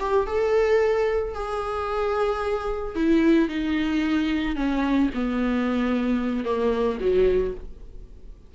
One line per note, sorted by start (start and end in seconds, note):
0.00 0.27 G4
0.27 1.34 A4
1.34 2.96 G#4
2.96 3.49 E4
3.49 4.56 D#4
4.56 5.10 C#4
5.14 6.45 B3
6.45 6.99 A#3
7.00 7.54 F#3